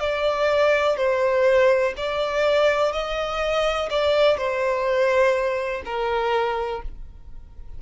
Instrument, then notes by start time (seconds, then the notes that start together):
violin
0.00 D5
0.97 C5
1.97 D5
2.93 D#5
3.90 D5
4.37 C5
5.85 A#4